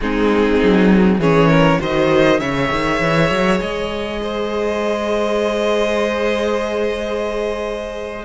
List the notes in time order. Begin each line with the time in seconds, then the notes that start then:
0.01 G#3 C4 D#4 G#4
0.62 F#3
1.18 E3 C#4 G#4 C#5
1.48 A#4
1.79 D#3 F#4 C5 D#5
2.39 C#3 G#4 C#5 E5
2.71 D#3
3.00 E3
3.30 F#3
3.60 G#3 D#5
4.22 C5